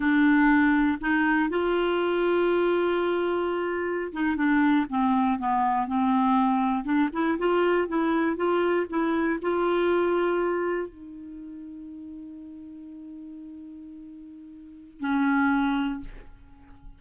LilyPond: \new Staff \with { instrumentName = "clarinet" } { \time 4/4 \tempo 4 = 120 d'2 dis'4 f'4~ | f'1~ | f'16 dis'8 d'4 c'4 b4 c'16~ | c'4.~ c'16 d'8 e'8 f'4 e'16~ |
e'8. f'4 e'4 f'4~ f'16~ | f'4.~ f'16 dis'2~ dis'16~ | dis'1~ | dis'2 cis'2 | }